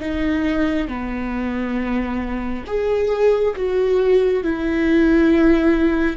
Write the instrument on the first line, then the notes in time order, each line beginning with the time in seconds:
viola
0.00 D#4
0.88 B3
2.67 G#4
3.56 F#4
4.44 E4